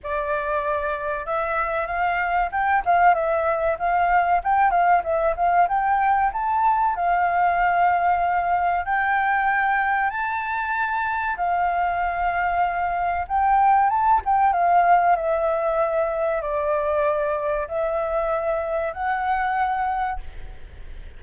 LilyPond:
\new Staff \with { instrumentName = "flute" } { \time 4/4 \tempo 4 = 95 d''2 e''4 f''4 | g''8 f''8 e''4 f''4 g''8 f''8 | e''8 f''8 g''4 a''4 f''4~ | f''2 g''2 |
a''2 f''2~ | f''4 g''4 a''8 g''8 f''4 | e''2 d''2 | e''2 fis''2 | }